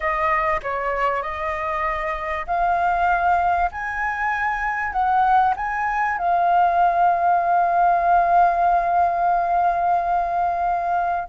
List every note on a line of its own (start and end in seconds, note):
0.00 0.60 D#5
0.62 1.22 C#5
1.22 2.46 D#5
2.46 3.70 F5
3.71 4.92 G#5
4.92 5.54 F#5
5.56 6.17 G#5
6.17 11.28 F5